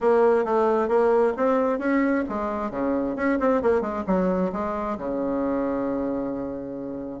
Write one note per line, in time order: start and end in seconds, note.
0.00 0.44 A#3
0.44 0.88 A3
0.88 1.33 A#3
1.37 1.78 C4
1.78 2.23 C#4
2.28 2.70 G#3
2.70 3.15 C#3
3.16 3.38 C#4
3.39 3.62 C4
3.62 3.81 A#3
3.81 4.03 G#3
4.06 4.51 F#3
4.52 4.97 G#3
4.98 7.20 C#3